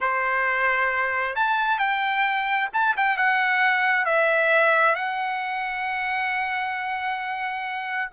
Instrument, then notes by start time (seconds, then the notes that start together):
trumpet
0.00 C5
1.35 A5
1.78 G5
2.73 A5
2.96 G5
3.17 F#5
4.05 E5
4.95 F#5